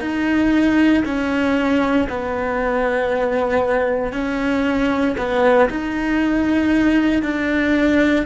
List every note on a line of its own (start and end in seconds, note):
0.00 1.03 D#4
1.05 2.08 C#4
2.09 4.12 B3
4.12 5.16 C#4
5.17 5.69 B3
5.69 7.22 D#4
7.22 8.26 D4